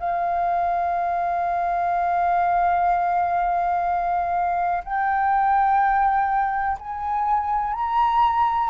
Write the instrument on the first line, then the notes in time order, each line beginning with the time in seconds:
flute
0.00 F5
4.84 G5
6.80 G#5
7.74 A#5